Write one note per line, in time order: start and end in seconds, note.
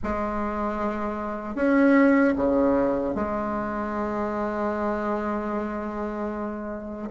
0.03 1.55 G#3
1.55 2.34 C#4
2.35 3.14 C#3
3.14 7.09 G#3